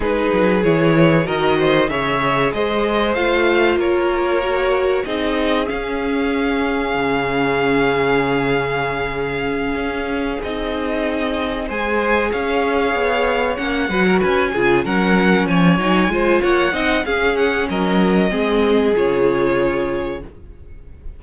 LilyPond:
<<
  \new Staff \with { instrumentName = "violin" } { \time 4/4 \tempo 4 = 95 b'4 cis''4 dis''4 e''4 | dis''4 f''4 cis''2 | dis''4 f''2.~ | f''1~ |
f''8 dis''2 gis''4 f''8~ | f''4. fis''4 gis''4 fis''8~ | fis''8 gis''4. fis''4 f''8 fis''8 | dis''2 cis''2 | }
  \new Staff \with { instrumentName = "violin" } { \time 4/4 gis'2 ais'8 c''8 cis''4 | c''2 ais'2 | gis'1~ | gis'1~ |
gis'2~ gis'8 c''4 cis''8~ | cis''2 b'16 ais'16 b'8 gis'8 ais'8~ | ais'8 cis''4 c''8 cis''8 dis''8 gis'4 | ais'4 gis'2. | }
  \new Staff \with { instrumentName = "viola" } { \time 4/4 dis'4 e'4 fis'4 gis'4~ | gis'4 f'2 fis'4 | dis'4 cis'2.~ | cis'1~ |
cis'8 dis'2 gis'4.~ | gis'4. cis'8 fis'4 f'8 cis'8~ | cis'4 dis'8 f'4 dis'8 cis'4~ | cis'4 c'4 f'2 | }
  \new Staff \with { instrumentName = "cello" } { \time 4/4 gis8 fis8 e4 dis4 cis4 | gis4 a4 ais2 | c'4 cis'2 cis4~ | cis2.~ cis8 cis'8~ |
cis'8 c'2 gis4 cis'8~ | cis'8 b4 ais8 fis8 cis'8 cis8 fis8~ | fis8 f8 fis8 gis8 ais8 c'8 cis'4 | fis4 gis4 cis2 | }
>>